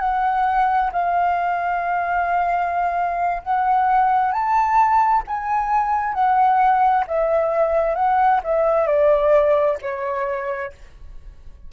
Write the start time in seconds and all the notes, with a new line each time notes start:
0.00 F#5
0.93 F5
3.43 F#5
4.32 A5
5.27 G#5
6.14 F#5
7.07 E5
7.95 F#5
8.44 E5
8.87 D5
9.82 C#5